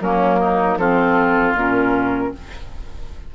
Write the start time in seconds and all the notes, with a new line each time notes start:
0.00 F#3 A#3 C#4 A#4
0.39 D#4
0.76 F3 C4 F4 A4
1.53 A#2 C#4 A#4